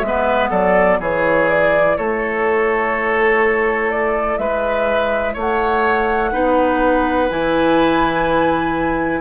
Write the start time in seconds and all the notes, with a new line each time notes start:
0.00 G#3 E5
0.06 B3 B4
0.50 F#3 A4 D5
1.00 E3 E4 G#4 C#5
1.50 D5
1.97 A3 A4 C#5
3.91 D5
4.39 G#3 B4 E5
5.34 A3 C#5
5.40 F#5
6.32 B3 D#4 B4
7.30 E3 E4 G#5